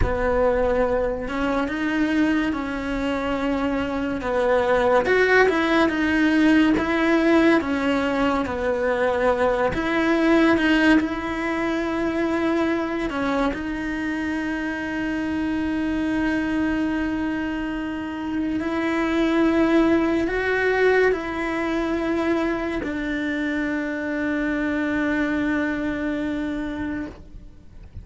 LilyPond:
\new Staff \with { instrumentName = "cello" } { \time 4/4 \tempo 4 = 71 b4. cis'8 dis'4 cis'4~ | cis'4 b4 fis'8 e'8 dis'4 | e'4 cis'4 b4. e'8~ | e'8 dis'8 e'2~ e'8 cis'8 |
dis'1~ | dis'2 e'2 | fis'4 e'2 d'4~ | d'1 | }